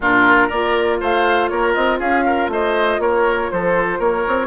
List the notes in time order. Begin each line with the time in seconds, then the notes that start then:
0.00 A#2 D4 F4 A#4
0.47 A#3 F4 A#4 D5
1.00 A3 C5 F5
1.48 A#3 A#4 C#5
1.74 C4 D#5
1.99 C#4 G#4 F5
2.25 A#4
2.48 A3 C5 D#5
2.98 A#3 A#4 C#5
3.50 F3 A4 C5
3.98 A#3 A#4 C#5
4.27 C4